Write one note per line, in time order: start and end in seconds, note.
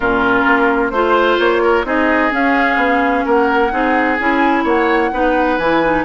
0.00 0.44 A#2
0.00 0.93 C#4
0.00 0.91 F4
0.00 0.90 A#4
0.45 0.91 A#3
0.90 1.37 A3
0.90 1.85 F4
0.90 1.36 C5
0.90 1.62 C5
1.39 1.84 A#3
1.39 1.85 C#5
1.62 1.85 A#4
1.84 2.30 C4
1.84 2.30 D#4
1.84 3.25 G#4
1.84 2.33 D#5
2.30 3.70 C#4
2.30 2.76 C#4
2.30 3.26 F5
2.76 3.22 B3
3.25 3.72 A#3
3.25 3.71 A#4
3.25 4.17 F#5
3.71 4.19 C4
3.71 4.18 D#4
3.71 4.63 G#4
4.17 4.64 C#4
4.17 5.12 E4
4.17 4.63 G#5
4.63 5.10 A#3
4.63 5.10 C#5
4.63 5.58 F#5
5.12 5.57 B3
5.12 5.59 D#4
5.12 6.04 B4
5.57 6.04 E3
5.57 5.83 E4
5.57 6.04 G#5
5.83 6.04 D#4